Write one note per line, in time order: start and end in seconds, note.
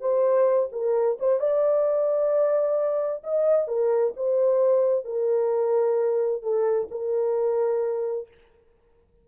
0.00 0.69 C5
0.72 1.17 A#4
1.19 1.39 C5
1.39 3.22 D5
3.23 3.67 D#5
3.67 4.13 A#4
4.16 5.04 C5
5.04 6.42 A#4
6.42 6.88 A4
6.90 8.28 A#4